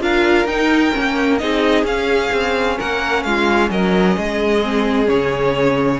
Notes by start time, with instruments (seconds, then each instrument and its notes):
0.00 cello D4, viola F4, violin A#4 F5
0.45 cello D#4, viola D#4, violin G5
0.92 cello A#3, viola C#4
1.38 cello C4, viola D#4, violin G#4 D#5
1.83 cello C#4, viola C#4, violin F5
2.32 cello C4
2.77 cello A#3, violin A#4 F#5
3.23 cello G#3, violin F4 F5
3.70 cello F#3, violin A#4 D#5
4.17 cello G#3, violin G#4
4.62 viola C4
5.06 cello C#3, viola C#4, violin C#5